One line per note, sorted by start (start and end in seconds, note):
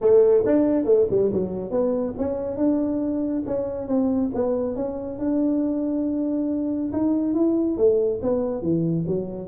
0.01 0.44 A3
0.45 0.84 D4
0.84 1.06 A3
1.10 1.31 G3
1.32 1.71 F#3
1.71 2.14 B3
2.17 2.56 C#4
2.56 3.43 D4
3.46 3.87 C#4
3.87 4.30 C4
4.34 4.75 B3
4.75 5.18 C#4
5.19 6.91 D4
6.92 7.34 D#4
7.34 7.77 E4
7.77 8.20 A3
8.22 8.62 B3
8.62 9.05 E3
9.07 9.48 F#3